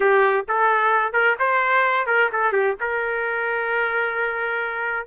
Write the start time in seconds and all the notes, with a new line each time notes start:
0.00 G4
0.48 A4
1.13 A#4
1.39 C5
2.06 A#4
2.32 A4
2.52 G4
2.80 A#4